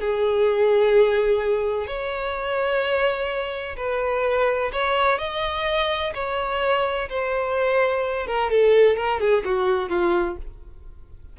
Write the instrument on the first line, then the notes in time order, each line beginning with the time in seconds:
violin
0.00 G#4
1.87 C#5
3.76 B4
4.72 C#5
5.18 D#5
6.14 C#5
7.09 C5
8.27 A#4
8.50 A4
8.96 A#4
9.20 G#4
9.44 F#4
9.89 F4